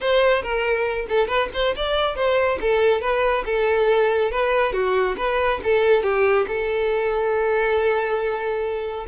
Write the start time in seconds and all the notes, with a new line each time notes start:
0.00 C5
0.42 A#4
1.09 A4
1.27 B4
1.53 C5
1.76 D5
2.15 C5
2.60 A4
3.01 B4
3.45 A4
4.31 B4
4.72 F#4
5.17 B4
5.63 A4
6.02 G4
6.47 A4